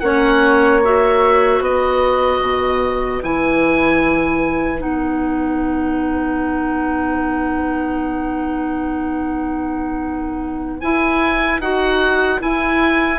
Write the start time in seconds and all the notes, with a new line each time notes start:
0.00 A#3 C#4 C#5 F#5
0.84 F#4 E5
1.60 B3 B4 D#5
2.41 B2
3.22 E3 E4 G#5
4.78 B3 D#4 F#5
10.80 E4 G#5
11.59 D#4 F#4 F#5
12.39 E4 G#5
12.45 E4